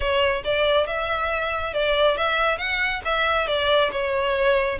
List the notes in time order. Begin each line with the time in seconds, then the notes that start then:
0.00 C#5
0.44 D5
0.86 E5
1.73 D5
2.17 E5
2.58 F#5
3.04 E5
3.47 D5
3.91 C#5